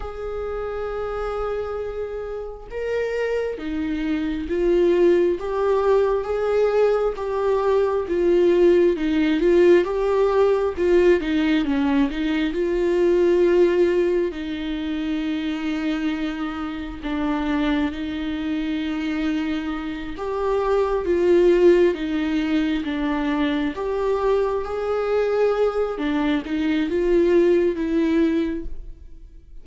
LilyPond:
\new Staff \with { instrumentName = "viola" } { \time 4/4 \tempo 4 = 67 gis'2. ais'4 | dis'4 f'4 g'4 gis'4 | g'4 f'4 dis'8 f'8 g'4 | f'8 dis'8 cis'8 dis'8 f'2 |
dis'2. d'4 | dis'2~ dis'8 g'4 f'8~ | f'8 dis'4 d'4 g'4 gis'8~ | gis'4 d'8 dis'8 f'4 e'4 | }